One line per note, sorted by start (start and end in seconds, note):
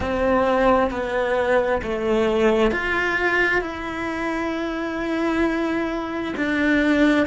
0.00 0.90 C4
0.90 1.81 B3
1.82 2.71 A3
2.71 3.61 F4
3.61 6.33 E4
6.36 7.26 D4